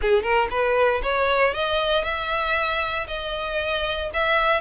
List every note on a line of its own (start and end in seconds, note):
0.01 0.23 G#4
0.23 0.48 A#4
0.50 1.01 B4
1.02 1.54 C#5
1.54 2.04 D#5
2.04 3.06 E5
3.07 4.10 D#5
4.13 4.60 E5